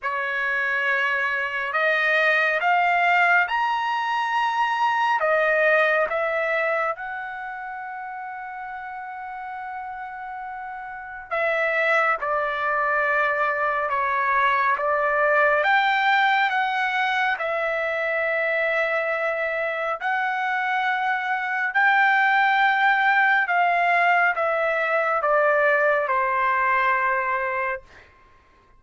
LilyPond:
\new Staff \with { instrumentName = "trumpet" } { \time 4/4 \tempo 4 = 69 cis''2 dis''4 f''4 | ais''2 dis''4 e''4 | fis''1~ | fis''4 e''4 d''2 |
cis''4 d''4 g''4 fis''4 | e''2. fis''4~ | fis''4 g''2 f''4 | e''4 d''4 c''2 | }